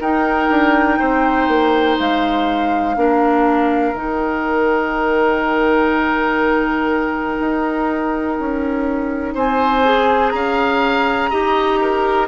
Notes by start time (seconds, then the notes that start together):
0.00 D#4 A#4 G5
0.49 D4
0.99 C4 C5
1.48 A#3
1.99 G#3 F5
2.95 A#3 D4 A#4
3.93 D#3 D#4 G5
7.39 D#4
8.40 C#4
9.34 C4 C5 G#5
9.85 G#4
10.30 C#4 F5 A#5
11.30 D#4 G4 D#5
11.81 A#4